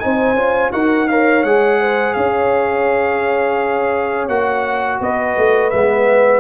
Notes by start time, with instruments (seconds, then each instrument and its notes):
0.00 tuba C4, trombone D#4, horn C5, trumpet G#5
0.35 tuba C#4, trombone F4
0.72 tuba D#4, trombone F#4, horn A#4, trumpet F#5
1.09 trombone A#4, horn C#5, trumpet F5
1.44 tuba G#3, trombone G#4, trumpet F#5
1.81 horn C5
2.14 tuba C#4, horn C#5, trumpet F5
4.29 tuba A#3, trombone F#4, trumpet F#5
5.01 tuba B3, horn B4, trumpet D#5
5.38 tuba A3
5.71 tuba G#3, trombone B3, trumpet E5